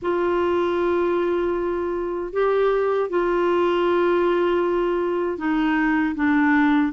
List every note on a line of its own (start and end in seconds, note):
0.02 2.33 F4
2.33 3.09 G4
3.09 5.37 F4
5.37 6.14 D#4
6.15 6.92 D4